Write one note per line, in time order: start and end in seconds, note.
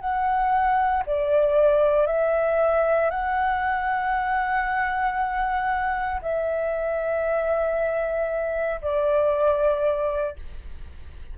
0.00 1.03 F#5
1.06 2.07 D5
2.07 3.10 E5
3.10 6.21 F#5
6.22 8.81 E5
8.81 10.36 D5